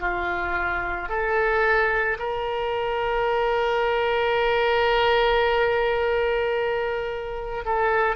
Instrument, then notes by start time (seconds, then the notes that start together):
oboe
0.00 F4
1.09 A4
2.19 A#4
7.66 A4